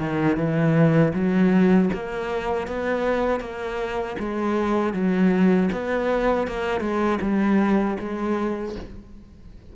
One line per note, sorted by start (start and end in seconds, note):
0.00 0.37 D#3
0.37 1.13 E3
1.14 1.90 F#3
1.94 2.68 A#3
2.68 3.41 B3
3.41 4.17 A#3
4.19 4.94 G#3
4.94 5.70 F#3
5.72 6.48 B3
6.48 6.81 A#3
6.81 7.19 G#3
7.22 7.98 G3
8.00 8.76 G#3